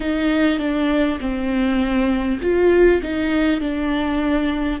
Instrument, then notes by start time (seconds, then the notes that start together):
viola
0.00 D#4
0.58 D4
1.20 C4
2.41 F4
3.02 D#4
3.60 D4